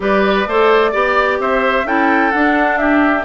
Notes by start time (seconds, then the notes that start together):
0.00 G3 G4 B4 D5
0.47 A3 A4 C5
0.91 B3 G4 D5
1.39 C4 C5 E5
1.84 C#4 E4 A4 G5
2.31 D4 F#5
2.77 G4 E5